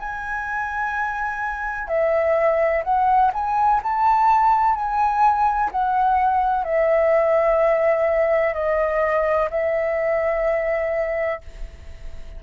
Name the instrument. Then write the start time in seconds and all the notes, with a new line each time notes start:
flute
0.00 G#5
1.88 E5
2.84 F#5
3.34 G#5
3.84 A5
4.75 G#5
5.72 F#5
6.65 E5
8.54 D#5
9.51 E5